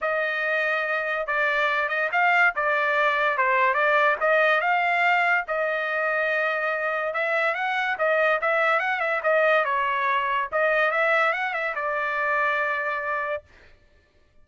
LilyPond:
\new Staff \with { instrumentName = "trumpet" } { \time 4/4 \tempo 4 = 143 dis''2. d''4~ | d''8 dis''8 f''4 d''2 | c''4 d''4 dis''4 f''4~ | f''4 dis''2.~ |
dis''4 e''4 fis''4 dis''4 | e''4 fis''8 e''8 dis''4 cis''4~ | cis''4 dis''4 e''4 fis''8 e''8 | d''1 | }